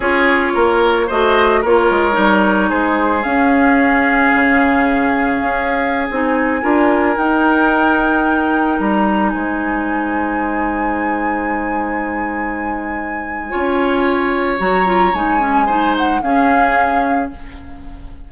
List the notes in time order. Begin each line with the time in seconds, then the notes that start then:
0.00 C#4 F4 G#4 C#5
0.54 A#3 A#4
1.07 A3 F#4 C5 D#5
1.61 A#3 F4 A#4 C#5
1.90 G#3
2.12 G3 D#4
2.69 G#3 G#4 C5
3.23 C#4 F5
4.34 C#3
5.41 C#4
6.10 C4 D#4 G#5
6.61 D4 F4 A#4
7.16 D#4 G5
8.79 G3 A#5
9.29 G#3 C5 G#5
13.50 C#4 F4 C#5
14.59 F#3 F#4 A#5
14.85 F4
15.13 G#3 D#4 G#5
15.39 C#4
15.66 D#4 C5
15.97 F#5
16.22 C#4 G#4 F5